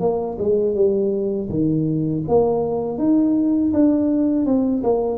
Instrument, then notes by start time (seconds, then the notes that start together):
tuba
0.00 A#3
0.38 G#3
0.75 G3
1.49 D#3
2.28 A#3
2.98 D#4
3.73 D4
4.45 C4
4.83 A#3